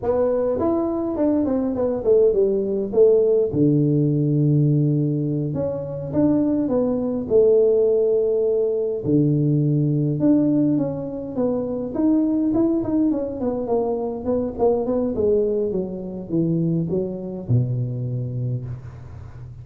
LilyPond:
\new Staff \with { instrumentName = "tuba" } { \time 4/4 \tempo 4 = 103 b4 e'4 d'8 c'8 b8 a8 | g4 a4 d2~ | d4. cis'4 d'4 b8~ | b8 a2. d8~ |
d4. d'4 cis'4 b8~ | b8 dis'4 e'8 dis'8 cis'8 b8 ais8~ | ais8 b8 ais8 b8 gis4 fis4 | e4 fis4 b,2 | }